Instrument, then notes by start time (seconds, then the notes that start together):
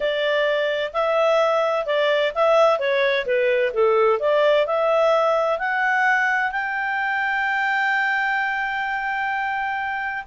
clarinet
0.00 D5
0.93 E5
1.85 D5
2.34 E5
2.79 C#5
3.26 B4
3.73 A4
4.19 D5
4.66 E5
5.58 F#5
6.51 G5